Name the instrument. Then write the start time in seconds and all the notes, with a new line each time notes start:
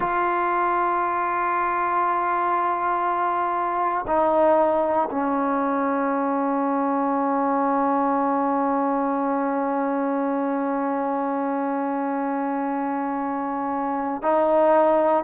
trombone
0.00 F4
4.07 D#4
5.10 C#4
14.22 D#4